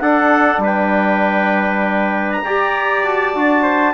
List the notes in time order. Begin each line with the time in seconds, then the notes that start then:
0.00 D4 A4 F#5
0.58 G3 B4
0.65 G5
2.31 A#5
2.43 G4 D5
3.03 F#4 A5
3.35 D4 F#4
3.63 C5